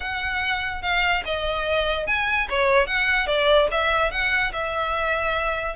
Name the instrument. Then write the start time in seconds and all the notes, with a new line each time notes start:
violin
0.00 F#5
0.82 F5
1.25 D#5
2.07 G#5
2.49 C#5
2.86 F#5
3.27 D5
3.71 E5
4.11 F#5
4.53 E5